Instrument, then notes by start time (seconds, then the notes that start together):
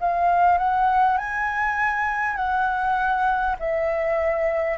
flute
0.00 F5
0.58 F#5
1.17 G#5
2.36 F#5
3.59 E5